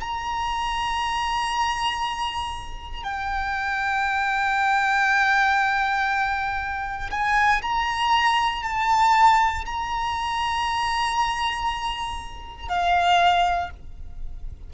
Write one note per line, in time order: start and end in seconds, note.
0.00 3.03 A#5
3.03 7.10 G5
7.10 7.61 G#5
7.62 8.63 A#5
8.63 9.65 A5
9.65 12.68 A#5
12.68 13.70 F5